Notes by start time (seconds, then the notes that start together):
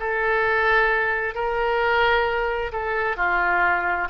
0.00 A4
1.34 A#4
2.72 A4
3.16 F4